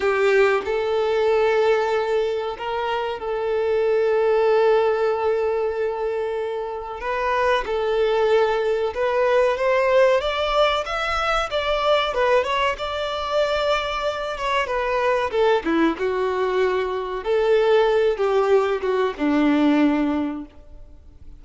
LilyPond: \new Staff \with { instrumentName = "violin" } { \time 4/4 \tempo 4 = 94 g'4 a'2. | ais'4 a'2.~ | a'2. b'4 | a'2 b'4 c''4 |
d''4 e''4 d''4 b'8 cis''8 | d''2~ d''8 cis''8 b'4 | a'8 e'8 fis'2 a'4~ | a'8 g'4 fis'8 d'2 | }